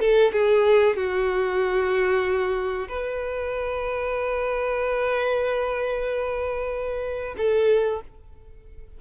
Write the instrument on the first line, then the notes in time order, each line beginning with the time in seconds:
violin
0.00 A4
0.32 G#4
0.97 F#4
2.88 B4
7.37 A4